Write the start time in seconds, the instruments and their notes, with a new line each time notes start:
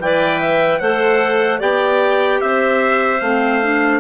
0.00 bassoon E3, clarinet B4 D5, trumpet G5
0.40 clarinet E5
0.79 bassoon A3, clarinet A4 C5, trumpet F#5
1.59 bassoon B3, clarinet G4 D5, trumpet G5
2.41 bassoon C4, clarinet C5, trumpet E5
3.21 bassoon A3, clarinet C4, trumpet F5
3.63 clarinet D4